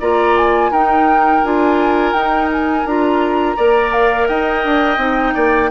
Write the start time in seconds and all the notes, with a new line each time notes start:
0.00 A#3 F4 D5 A#5
0.37 G#5
0.71 D#4 A#4 G5
1.44 D4 F4 G#5
2.13 D#4 G5
2.53 G#5
2.85 D4 F4 A#5
3.57 A#3 A#4 D5
3.93 F5
4.28 D#4 D#5 G5
4.64 D4
4.97 C4 D#4
5.34 A#3 D5